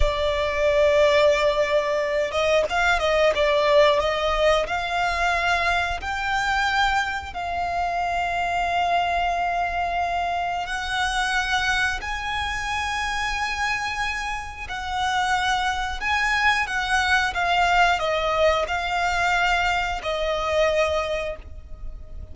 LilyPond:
\new Staff \with { instrumentName = "violin" } { \time 4/4 \tempo 4 = 90 d''2.~ d''8 dis''8 | f''8 dis''8 d''4 dis''4 f''4~ | f''4 g''2 f''4~ | f''1 |
fis''2 gis''2~ | gis''2 fis''2 | gis''4 fis''4 f''4 dis''4 | f''2 dis''2 | }